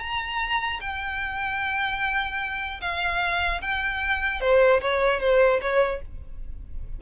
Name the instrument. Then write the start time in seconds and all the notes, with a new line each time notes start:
violin
0.00 A#5
0.81 G5
2.81 F5
3.61 G5
4.41 C5
4.81 C#5
5.20 C5
5.61 C#5